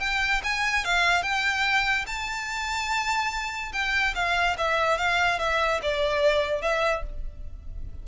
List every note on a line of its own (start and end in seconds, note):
0.00 0.41 G5
0.44 0.84 G#5
0.84 1.22 F5
1.22 2.05 G5
2.07 3.72 A5
3.73 4.14 G5
4.15 4.56 F5
4.58 4.98 E5
4.98 5.39 F5
5.39 5.80 E5
5.82 6.62 D5
6.62 7.03 E5